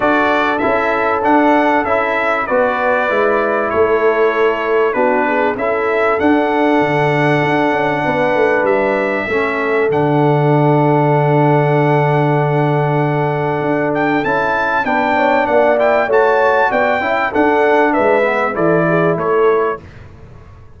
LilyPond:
<<
  \new Staff \with { instrumentName = "trumpet" } { \time 4/4 \tempo 4 = 97 d''4 e''4 fis''4 e''4 | d''2 cis''2 | b'4 e''4 fis''2~ | fis''2 e''2 |
fis''1~ | fis''2~ fis''8 g''8 a''4 | g''4 fis''8 g''8 a''4 g''4 | fis''4 e''4 d''4 cis''4 | }
  \new Staff \with { instrumentName = "horn" } { \time 4/4 a'1 | b'2 a'2 | fis'8 gis'8 a'2.~ | a'4 b'2 a'4~ |
a'1~ | a'1 | b'8 cis''8 d''4 cis''4 d''8 e''8 | a'4 b'4 a'8 gis'8 a'4 | }
  \new Staff \with { instrumentName = "trombone" } { \time 4/4 fis'4 e'4 d'4 e'4 | fis'4 e'2. | d'4 e'4 d'2~ | d'2. cis'4 |
d'1~ | d'2. e'4 | d'4. e'8 fis'4. e'8 | d'4. b8 e'2 | }
  \new Staff \with { instrumentName = "tuba" } { \time 4/4 d'4 cis'4 d'4 cis'4 | b4 gis4 a2 | b4 cis'4 d'4 d4 | d'8 cis'8 b8 a8 g4 a4 |
d1~ | d2 d'4 cis'4 | b4 ais4 a4 b8 cis'8 | d'4 gis4 e4 a4 | }
>>